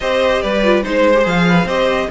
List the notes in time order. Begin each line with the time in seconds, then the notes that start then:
0.00 C4 G4 C5 D#5
0.41 G3 B4 D5
0.63 F4
0.83 G#3 D#4 C5
1.14 G4
1.23 F3 G#4 F5
1.48 B4
1.65 C4 G4 C5 D#5